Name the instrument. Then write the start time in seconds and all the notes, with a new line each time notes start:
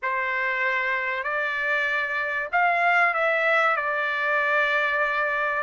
trumpet
0.02 C5
1.23 D5
2.52 F5
3.14 E5
3.76 D5